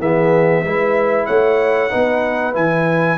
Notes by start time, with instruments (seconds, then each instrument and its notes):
0.00 tuba E3, trombone B3, horn G#4, trumpet E5
0.64 tuba G#3, trombone E4, horn B4
1.26 tuba A3, horn C#5, trumpet F#5
1.90 tuba B3, trombone D#4, horn B4
2.53 tuba E3, trombone E4, trumpet G#5